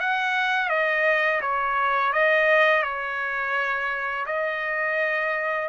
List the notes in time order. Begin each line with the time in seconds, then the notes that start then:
0.00 F#5
0.69 D#5
1.41 C#5
2.13 D#5
2.82 C#5
4.26 D#5